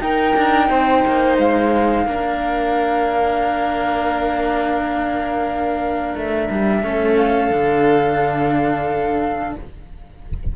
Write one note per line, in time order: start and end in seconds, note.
0.00 0.34 D#4
0.00 2.06 D#4
0.00 0.69 A#4
0.00 1.36 G5
0.36 0.69 D4
0.69 1.03 C4
0.69 2.05 C5
1.06 1.38 A#3
1.38 2.05 G#3
1.38 6.15 F5
2.05 6.14 A#3
2.05 6.83 D4
2.05 6.83 A#4
6.15 6.49 A3
6.15 7.17 E5
6.50 6.83 G3
6.83 7.50 A3
6.83 7.51 C#4
6.83 9.56 A4
7.17 9.56 F5
7.50 9.55 D3
7.50 9.55 D4